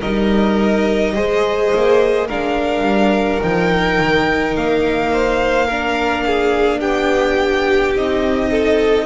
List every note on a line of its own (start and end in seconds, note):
0.00 1.16 G3
0.00 1.15 D#4
0.00 1.13 A#4
0.00 2.27 D#5
1.15 1.72 G#3
1.15 2.28 G#4
1.15 2.27 C5
1.74 2.30 A#3
2.27 2.81 G#3
2.27 3.41 D4
2.27 5.10 A#4
2.27 3.42 F5
2.81 3.38 G3
3.41 3.99 F3
3.41 5.67 D#4
3.41 4.56 G5
3.99 4.56 D#3
4.56 6.81 A#3
4.56 6.80 F5
5.12 5.67 C5
5.67 7.95 D4
5.67 6.23 A#4
6.25 6.79 G#4
6.79 7.94 B3
6.79 8.49 G4
6.79 7.93 G5
7.94 9.05 C4
7.94 9.05 D#4
7.94 9.05 D#5
8.50 9.05 A4